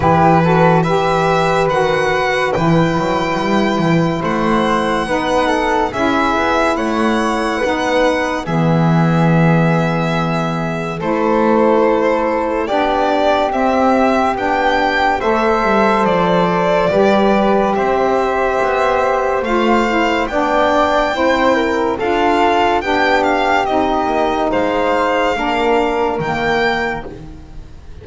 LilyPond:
<<
  \new Staff \with { instrumentName = "violin" } { \time 4/4 \tempo 4 = 71 b'4 e''4 fis''4 g''4~ | g''4 fis''2 e''4 | fis''2 e''2~ | e''4 c''2 d''4 |
e''4 g''4 e''4 d''4~ | d''4 e''2 f''4 | g''2 f''4 g''8 f''8 | dis''4 f''2 g''4 | }
  \new Staff \with { instrumentName = "flute" } { \time 4/4 g'8 a'8 b'2.~ | b'4 c''4 b'8 a'8 gis'4 | cis''4 b'4 gis'2~ | gis'4 a'2 g'4~ |
g'2 c''2 | b'4 c''2. | d''4 c''8 ais'8 a'4 g'4~ | g'4 c''4 ais'2 | }
  \new Staff \with { instrumentName = "saxophone" } { \time 4/4 e'8 fis'8 g'4 fis'4 e'4~ | e'2 dis'4 e'4~ | e'4 dis'4 b2~ | b4 e'2 d'4 |
c'4 d'4 a'2 | g'2. f'8 e'8 | d'4 e'4 f'4 d'4 | dis'2 d'4 ais4 | }
  \new Staff \with { instrumentName = "double bass" } { \time 4/4 e2 dis4 e8 fis8 | g8 e8 a4 b4 cis'8 b8 | a4 b4 e2~ | e4 a2 b4 |
c'4 b4 a8 g8 f4 | g4 c'4 b4 a4 | b4 c'4 d'4 b4 | c'8 ais8 gis4 ais4 dis4 | }
>>